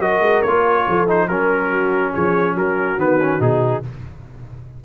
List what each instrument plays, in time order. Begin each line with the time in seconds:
0.00 tuba F#3, trombone F#4, horn A#4, trumpet D#5
0.21 tuba G#3
0.43 tuba A#3, trombone F4, trumpet C#5
0.88 tuba F3, horn A4
1.08 trombone D#4, trumpet C5
1.28 tuba F#3, trombone C#4, horn A#4, trumpet A#4
1.70 horn F#4
2.14 tuba F3, horn G#4, trumpet C#5
2.55 tuba F#3, horn F#4, trumpet A#4
2.98 tuba D#3, trombone B3, trumpet B4
3.21 trombone C#4
3.40 tuba B2, trombone D#4, trumpet G#4